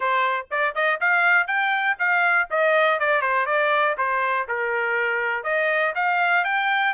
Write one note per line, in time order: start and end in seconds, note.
0.00 0.46 C5
0.50 0.74 D5
0.74 0.99 D#5
1.00 1.47 F5
1.47 1.97 G5
1.98 2.48 F5
2.50 2.99 D#5
2.99 3.21 D5
3.21 3.46 C5
3.46 3.95 D5
3.97 4.47 C5
4.48 5.43 A#4
5.43 5.93 D#5
5.95 6.44 F5
6.44 6.94 G5